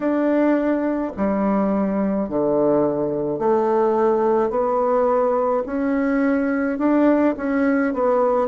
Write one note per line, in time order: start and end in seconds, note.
0.00 1.12 D4
1.16 2.28 G3
2.28 3.38 D3
3.38 4.50 A3
4.50 5.63 B3
5.66 6.78 C#4
6.78 7.34 D4
7.36 7.93 C#4
7.93 8.48 B3